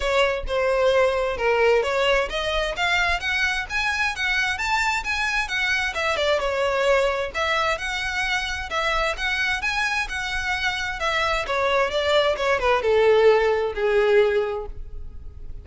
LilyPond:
\new Staff \with { instrumentName = "violin" } { \time 4/4 \tempo 4 = 131 cis''4 c''2 ais'4 | cis''4 dis''4 f''4 fis''4 | gis''4 fis''4 a''4 gis''4 | fis''4 e''8 d''8 cis''2 |
e''4 fis''2 e''4 | fis''4 gis''4 fis''2 | e''4 cis''4 d''4 cis''8 b'8 | a'2 gis'2 | }